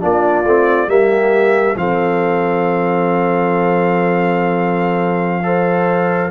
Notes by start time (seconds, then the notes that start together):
0.00 A#3 D4 F4 D5
0.44 A3 C4
0.87 G3 A#3 G4 E5
1.75 F3 C4 A4 F5
5.43 A4 C5